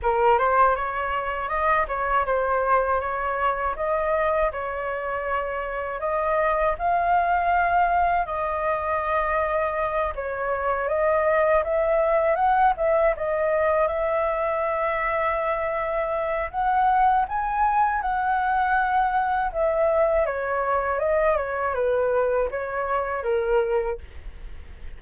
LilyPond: \new Staff \with { instrumentName = "flute" } { \time 4/4 \tempo 4 = 80 ais'8 c''8 cis''4 dis''8 cis''8 c''4 | cis''4 dis''4 cis''2 | dis''4 f''2 dis''4~ | dis''4. cis''4 dis''4 e''8~ |
e''8 fis''8 e''8 dis''4 e''4.~ | e''2 fis''4 gis''4 | fis''2 e''4 cis''4 | dis''8 cis''8 b'4 cis''4 ais'4 | }